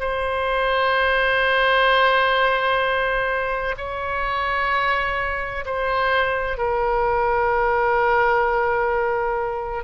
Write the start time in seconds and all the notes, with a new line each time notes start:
0.00 C5
3.77 C#5
5.65 C5
6.57 A#4